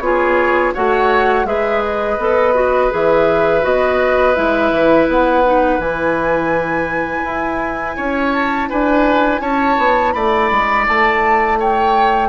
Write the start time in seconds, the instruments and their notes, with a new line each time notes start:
0.00 bassoon B3, clarinet F4, oboe G#4, flute C#5
0.74 bassoon A3, clarinet F#4, oboe C#5, flute F#5
1.45 bassoon G#3, clarinet G#4, oboe B4, flute E5
1.85 flute D#5
2.19 bassoon B3, clarinet A4
2.55 clarinet F#4
2.91 bassoon E3, clarinet G#4, flute E5
3.62 bassoon B3, clarinet F#4, flute D#5
4.35 bassoon G#3, clarinet E4, flute E5
4.72 bassoon E3
5.08 bassoon B3, flute F#5
5.45 clarinet D#4
5.79 bassoon E3, clarinet E4, flute G#5
7.25 bassoon E4
7.97 bassoon C#4, oboe C#5
8.33 flute A5
8.70 bassoon D4, oboe B4, flute G#5
9.41 bassoon C#4, oboe C#5, flute A5
9.78 bassoon B3
10.13 bassoon A3, oboe D5, flute B5
10.51 bassoon G#3
10.88 bassoon A3, flute A5
11.60 oboe C#5, flute G5